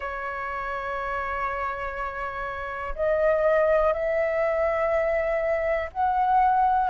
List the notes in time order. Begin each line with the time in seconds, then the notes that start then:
0.00 C#5
2.95 D#5
3.93 E5
5.92 F#5